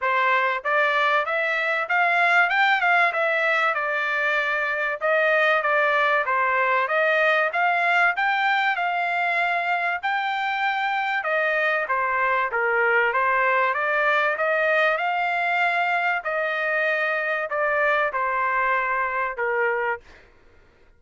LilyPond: \new Staff \with { instrumentName = "trumpet" } { \time 4/4 \tempo 4 = 96 c''4 d''4 e''4 f''4 | g''8 f''8 e''4 d''2 | dis''4 d''4 c''4 dis''4 | f''4 g''4 f''2 |
g''2 dis''4 c''4 | ais'4 c''4 d''4 dis''4 | f''2 dis''2 | d''4 c''2 ais'4 | }